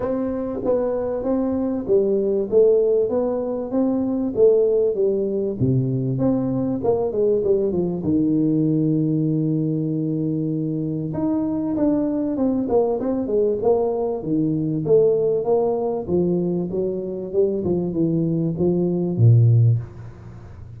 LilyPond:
\new Staff \with { instrumentName = "tuba" } { \time 4/4 \tempo 4 = 97 c'4 b4 c'4 g4 | a4 b4 c'4 a4 | g4 c4 c'4 ais8 gis8 | g8 f8 dis2.~ |
dis2 dis'4 d'4 | c'8 ais8 c'8 gis8 ais4 dis4 | a4 ais4 f4 fis4 | g8 f8 e4 f4 ais,4 | }